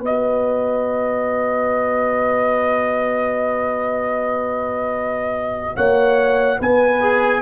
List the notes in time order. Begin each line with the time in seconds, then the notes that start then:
0.00 B3 F#4 B4 D#5
5.76 A#3 C#5 F#5
6.59 B3 B4 G#5
7.01 G#4